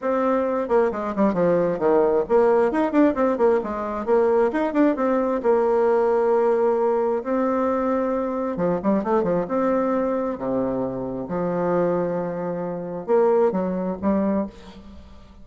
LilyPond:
\new Staff \with { instrumentName = "bassoon" } { \time 4/4 \tempo 4 = 133 c'4. ais8 gis8 g8 f4 | dis4 ais4 dis'8 d'8 c'8 ais8 | gis4 ais4 dis'8 d'8 c'4 | ais1 |
c'2. f8 g8 | a8 f8 c'2 c4~ | c4 f2.~ | f4 ais4 fis4 g4 | }